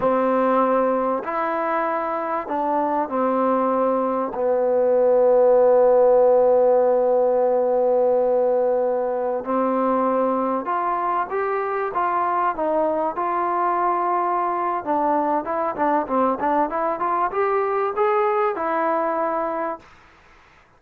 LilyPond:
\new Staff \with { instrumentName = "trombone" } { \time 4/4 \tempo 4 = 97 c'2 e'2 | d'4 c'2 b4~ | b1~ | b2.~ b16 c'8.~ |
c'4~ c'16 f'4 g'4 f'8.~ | f'16 dis'4 f'2~ f'8. | d'4 e'8 d'8 c'8 d'8 e'8 f'8 | g'4 gis'4 e'2 | }